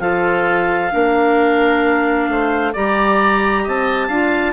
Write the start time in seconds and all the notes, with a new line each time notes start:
0.00 F3 F4 A4 F5
0.91 A#3 D4 A#4
2.29 A3 C5
2.73 G3 G4 D5 A#5
3.63 C4 D#5 A5
4.08 D4 F4 F5